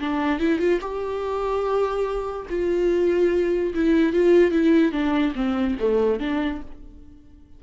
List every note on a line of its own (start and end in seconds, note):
0.00 0.39 D4
0.39 0.59 E4
0.59 0.79 F4
0.81 2.46 G4
2.49 3.74 F4
3.74 4.13 E4
4.13 4.51 F4
4.51 4.92 E4
4.92 5.33 D4
5.35 5.76 C4
5.79 6.20 A3
6.20 6.61 D4